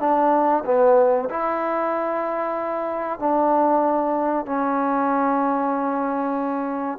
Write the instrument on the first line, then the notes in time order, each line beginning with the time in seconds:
trombone
0.00 D4
0.65 B3
1.30 E4
3.19 D4
4.46 C#4